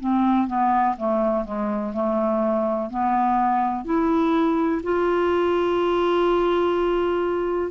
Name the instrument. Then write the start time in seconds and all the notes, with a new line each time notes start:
clarinet
0.00 C4
0.47 B3
0.96 A3
1.45 G#3
1.93 A3
2.90 B3
3.85 E4
4.83 F4